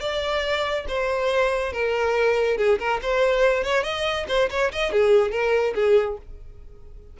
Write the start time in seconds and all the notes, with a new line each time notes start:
0.00 D5
0.88 C5
1.72 A#4
2.57 G#4
2.79 A#4
3.02 C5
3.64 C#5
3.83 D#5
4.28 C5
4.50 C#5
4.72 D#5
4.91 G#4
5.31 A#4
5.74 G#4